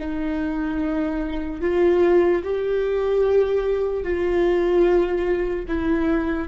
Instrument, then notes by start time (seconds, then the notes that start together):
viola
0.00 D#4
1.61 F4
2.44 G4
4.04 F4
5.68 E4